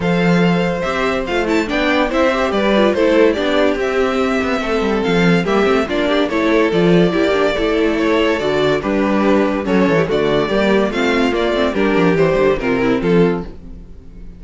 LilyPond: <<
  \new Staff \with { instrumentName = "violin" } { \time 4/4 \tempo 4 = 143 f''2 e''4 f''8 a''8 | g''4 e''4 d''4 c''4 | d''4 e''2. | f''4 e''4 d''4 cis''4 |
d''2. cis''4 | d''4 b'2 cis''4 | d''2 f''4 d''4 | ais'4 c''4 ais'4 a'4 | }
  \new Staff \with { instrumentName = "violin" } { \time 4/4 c''1 | d''4 c''4 b'4 a'4 | g'2. a'4~ | a'4 g'4 f'8 g'8 a'4~ |
a'4 g'4 a'2~ | a'4 d'2 cis'8. g'16 | fis'4 g'4 f'2 | g'2 f'8 e'8 f'4 | }
  \new Staff \with { instrumentName = "viola" } { \time 4/4 a'2 g'4 f'8 e'8 | d'4 e'8 g'4 f'8 e'4 | d'4 c'2.~ | c'4 ais8 c'8 d'4 e'4 |
f'4 e'8 d'8 e'2 | fis'4 g'2 a'4 | a4 ais4 c'4 ais8 c'8 | d'4 g4 c'2 | }
  \new Staff \with { instrumentName = "cello" } { \time 4/4 f2 c'4 a4 | b4 c'4 g4 a4 | b4 c'4. b8 a8 g8 | f4 g8 a8 ais4 a4 |
f4 ais4 a2 | d4 g2 fis8 e8 | d4 g4 a4 ais8 a8 | g8 f8 e8 d8 c4 f4 | }
>>